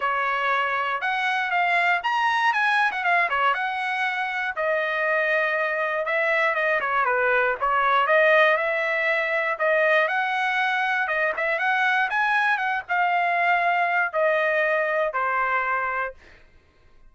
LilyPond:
\new Staff \with { instrumentName = "trumpet" } { \time 4/4 \tempo 4 = 119 cis''2 fis''4 f''4 | ais''4 gis''8. fis''16 f''8 cis''8 fis''4~ | fis''4 dis''2. | e''4 dis''8 cis''8 b'4 cis''4 |
dis''4 e''2 dis''4 | fis''2 dis''8 e''8 fis''4 | gis''4 fis''8 f''2~ f''8 | dis''2 c''2 | }